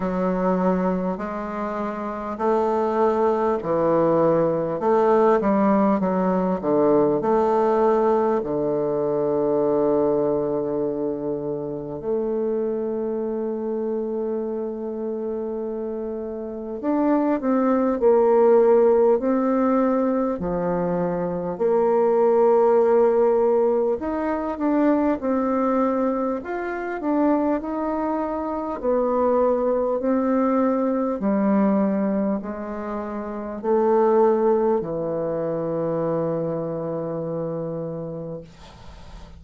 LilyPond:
\new Staff \with { instrumentName = "bassoon" } { \time 4/4 \tempo 4 = 50 fis4 gis4 a4 e4 | a8 g8 fis8 d8 a4 d4~ | d2 a2~ | a2 d'8 c'8 ais4 |
c'4 f4 ais2 | dis'8 d'8 c'4 f'8 d'8 dis'4 | b4 c'4 g4 gis4 | a4 e2. | }